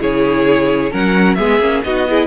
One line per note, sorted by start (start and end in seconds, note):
0.00 0.93 C#3
0.00 0.92 E4
0.00 0.91 G#4
0.00 0.94 C#5
0.91 1.40 F#3
0.91 1.38 C#4
0.91 1.37 A#4
0.91 1.35 F#5
1.35 1.60 G#3
1.35 1.61 B3
1.35 1.85 G#4
1.35 1.82 E5
1.60 1.83 A#3
1.60 1.84 C#4
1.84 2.28 B3
1.84 2.09 D#4
1.84 2.10 F#4
1.84 2.28 D#5
2.09 2.28 E4
2.09 2.28 G#4